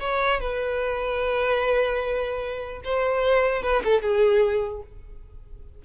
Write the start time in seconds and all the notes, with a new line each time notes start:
0.00 C#5
0.40 B4
2.84 C5
3.63 B4
3.84 A4
4.02 G#4